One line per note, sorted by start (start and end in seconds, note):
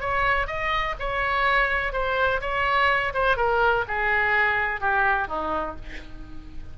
0.00 0.47 C#5
0.47 0.95 D#5
0.99 1.92 C#5
1.92 2.40 C5
2.41 3.13 C#5
3.13 3.36 C5
3.36 3.84 A#4
3.87 4.80 G#4
4.80 5.27 G4
5.27 5.75 D#4